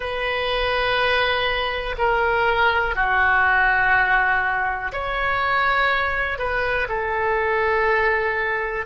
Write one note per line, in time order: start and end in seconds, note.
0.00 1.95 B4
1.98 2.95 A#4
2.95 4.92 F#4
4.92 6.38 C#5
6.38 6.87 B4
6.89 8.85 A4